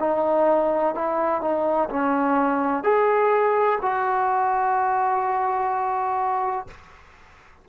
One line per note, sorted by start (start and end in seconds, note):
0.00 0.95 D#4
0.95 1.41 E4
1.41 1.89 D#4
1.90 2.84 C#4
2.84 3.79 G#4
3.82 6.68 F#4